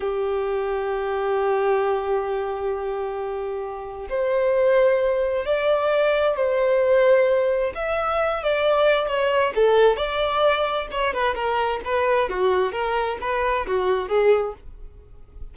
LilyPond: \new Staff \with { instrumentName = "violin" } { \time 4/4 \tempo 4 = 132 g'1~ | g'1~ | g'4 c''2. | d''2 c''2~ |
c''4 e''4. d''4. | cis''4 a'4 d''2 | cis''8 b'8 ais'4 b'4 fis'4 | ais'4 b'4 fis'4 gis'4 | }